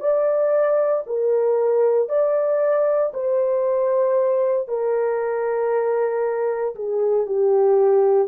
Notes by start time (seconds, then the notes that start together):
0.00 D5
1.06 A#4
2.09 D5
3.14 C5
4.68 A#4
6.76 G#4
7.26 G4